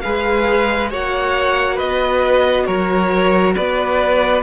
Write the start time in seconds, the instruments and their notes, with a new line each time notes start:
0.00 cello G#3, viola G#4, violin B4 F5
0.90 cello A#3, viola F#4, violin C#5 F#5
1.75 violin B4 D#5
1.81 cello B3
2.65 cello F#3, violin A#4 C#5
3.55 cello B3, violin B4 D5